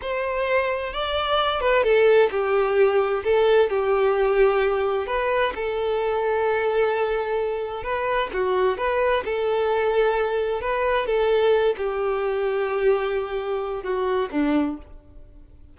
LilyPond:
\new Staff \with { instrumentName = "violin" } { \time 4/4 \tempo 4 = 130 c''2 d''4. b'8 | a'4 g'2 a'4 | g'2. b'4 | a'1~ |
a'4 b'4 fis'4 b'4 | a'2. b'4 | a'4. g'2~ g'8~ | g'2 fis'4 d'4 | }